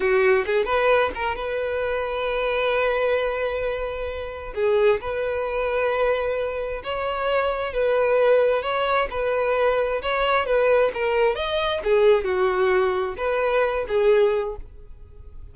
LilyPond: \new Staff \with { instrumentName = "violin" } { \time 4/4 \tempo 4 = 132 fis'4 gis'8 b'4 ais'8 b'4~ | b'1~ | b'2 gis'4 b'4~ | b'2. cis''4~ |
cis''4 b'2 cis''4 | b'2 cis''4 b'4 | ais'4 dis''4 gis'4 fis'4~ | fis'4 b'4. gis'4. | }